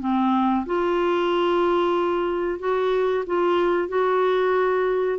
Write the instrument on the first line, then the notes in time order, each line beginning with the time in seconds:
clarinet
0.00 C4
0.66 F4
2.59 F#4
3.26 F4
3.88 F#4